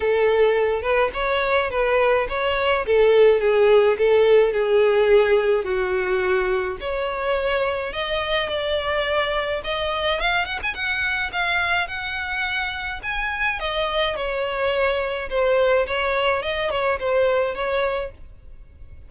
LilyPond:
\new Staff \with { instrumentName = "violin" } { \time 4/4 \tempo 4 = 106 a'4. b'8 cis''4 b'4 | cis''4 a'4 gis'4 a'4 | gis'2 fis'2 | cis''2 dis''4 d''4~ |
d''4 dis''4 f''8 fis''16 gis''16 fis''4 | f''4 fis''2 gis''4 | dis''4 cis''2 c''4 | cis''4 dis''8 cis''8 c''4 cis''4 | }